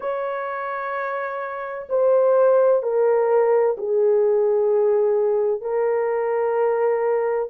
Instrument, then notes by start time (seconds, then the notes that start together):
horn
0.00 C#5
1.89 C5
2.82 A#4
3.78 G#4
5.61 A#4